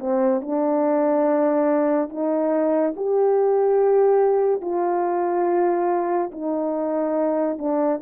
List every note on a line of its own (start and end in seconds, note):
0.00 0.42 C4
0.42 2.10 D4
2.10 2.95 D#4
2.97 4.62 G4
4.62 6.31 F4
6.33 7.59 D#4
7.59 8.01 D4